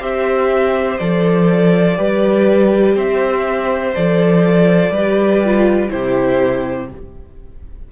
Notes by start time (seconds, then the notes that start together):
0.00 C4 G4 C5 E5
0.98 F3 A4 D5
1.96 G3 G4 B4
2.95 C4 C5 E5
3.95 F3 A4 D5
4.90 G3 G4 B4
5.45 F4
5.90 C3 E4 G4 C5